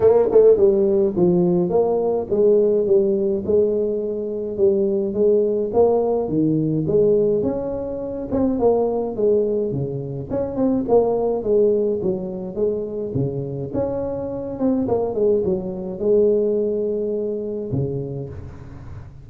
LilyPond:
\new Staff \with { instrumentName = "tuba" } { \time 4/4 \tempo 4 = 105 ais8 a8 g4 f4 ais4 | gis4 g4 gis2 | g4 gis4 ais4 dis4 | gis4 cis'4. c'8 ais4 |
gis4 cis4 cis'8 c'8 ais4 | gis4 fis4 gis4 cis4 | cis'4. c'8 ais8 gis8 fis4 | gis2. cis4 | }